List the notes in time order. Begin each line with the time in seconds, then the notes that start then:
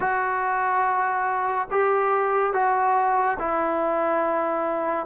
0.00 F#4
1.71 G4
2.53 F#4
3.38 E4